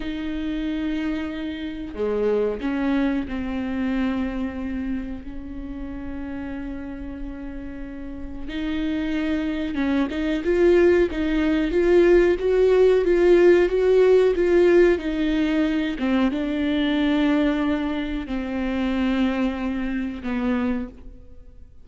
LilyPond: \new Staff \with { instrumentName = "viola" } { \time 4/4 \tempo 4 = 92 dis'2. gis4 | cis'4 c'2. | cis'1~ | cis'4 dis'2 cis'8 dis'8 |
f'4 dis'4 f'4 fis'4 | f'4 fis'4 f'4 dis'4~ | dis'8 c'8 d'2. | c'2. b4 | }